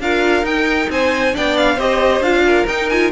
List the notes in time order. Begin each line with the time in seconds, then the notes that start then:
0.00 D4 F4 A#4 F5
0.43 D#4 G5
0.90 C4 C5 G#5
1.33 B3 D4 D5 G5
1.58 F5
1.76 C4 G4 C5 D#5
2.21 D4 F4 F5
2.47 A#4
2.68 D#4 G5
2.89 F4 G#5